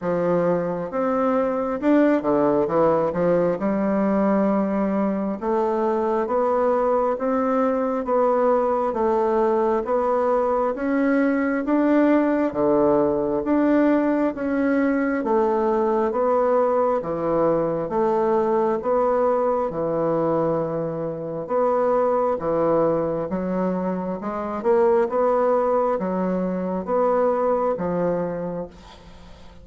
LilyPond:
\new Staff \with { instrumentName = "bassoon" } { \time 4/4 \tempo 4 = 67 f4 c'4 d'8 d8 e8 f8 | g2 a4 b4 | c'4 b4 a4 b4 | cis'4 d'4 d4 d'4 |
cis'4 a4 b4 e4 | a4 b4 e2 | b4 e4 fis4 gis8 ais8 | b4 fis4 b4 f4 | }